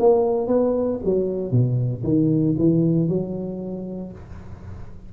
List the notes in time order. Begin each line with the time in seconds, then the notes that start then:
0.00 A#3
0.48 B3
1.05 F#3
1.52 B2
2.04 D#3
2.58 E3
3.09 F#3